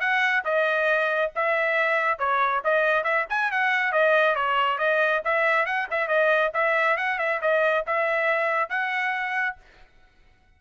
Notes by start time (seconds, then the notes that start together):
0.00 F#5
0.45 D#5
1.35 E5
2.19 C#5
2.64 D#5
3.04 E5
3.29 G#5
3.51 F#5
3.92 D#5
4.35 C#5
4.78 D#5
5.25 E5
5.66 F#5
5.90 E5
6.08 D#5
6.54 E5
6.97 F#5
7.19 E5
7.41 D#5
7.87 E5
8.69 F#5